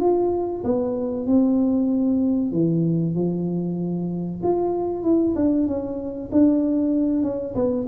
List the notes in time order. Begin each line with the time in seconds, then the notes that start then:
0.00 F4
0.64 B3
1.27 C4
2.52 E3
3.15 F3
4.43 F4
5.03 E4
5.36 D4
5.67 C#4
6.32 D4
7.23 C#4
7.55 B3